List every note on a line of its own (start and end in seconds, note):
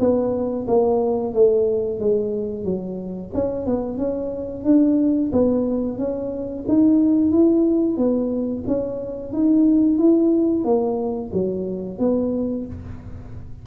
0.00 0.67 B3
0.68 1.34 A#3
1.34 2.00 A3
2.00 2.65 G#3
2.65 3.31 F#3
3.35 3.66 C#4
3.66 3.98 B3
3.98 4.64 C#4
4.64 5.31 D4
5.33 5.98 B3
5.98 6.65 C#4
6.68 7.32 D#4
7.32 7.98 E4
7.98 8.65 B3
8.68 9.33 C#4
9.33 9.99 D#4
9.99 10.65 E4
10.65 11.31 A#3
11.33 11.99 F#3
11.99 12.66 B3